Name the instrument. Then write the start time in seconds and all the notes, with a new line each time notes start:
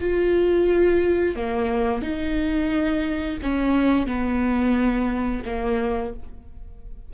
viola
0.00 F4
1.35 A#3
2.01 D#4
3.42 C#4
4.07 B3
5.45 A#3